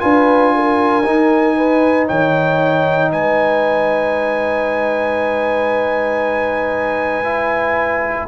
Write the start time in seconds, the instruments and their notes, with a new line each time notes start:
0.00 tuba D4, trombone F4, horn B4, trumpet G#5
0.55 horn A#4
1.05 tuba D#4, trombone D#4
1.57 horn B4
2.08 tuba D#3, horn C#5, trumpet G5
3.12 tuba G#3, horn B4, trumpet G#5
7.25 trombone E4